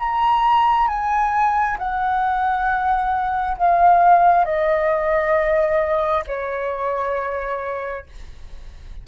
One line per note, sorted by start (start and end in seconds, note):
0.00 0.88 A#5
0.88 1.78 G#5
1.79 3.58 F#5
3.58 4.46 F5
4.46 6.25 D#5
6.27 8.06 C#5